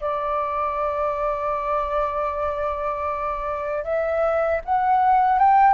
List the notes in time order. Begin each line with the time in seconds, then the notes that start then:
0.00 D5
3.84 E5
4.64 F#5
5.38 G5